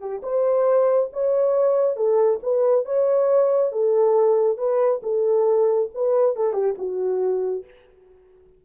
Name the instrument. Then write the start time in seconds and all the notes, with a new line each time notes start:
horn
0.00 G4
0.23 C5
1.13 C#5
1.96 A4
2.43 B4
2.85 C#5
3.72 A4
4.58 B4
5.03 A4
5.94 B4
6.36 A4
6.53 G4
6.78 F#4